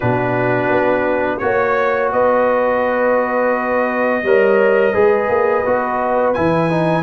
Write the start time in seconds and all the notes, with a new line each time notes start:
0.00 B2 D4 F#4 B4
0.70 B3
1.38 A#3 F#4 C#5
2.12 B3 B4 D#5
4.23 G3 A#4 C#5
4.93 G#3 G#4 B4
5.28 A#3
5.65 B3 F#4
6.33 E3 E4 G#5
6.69 D#4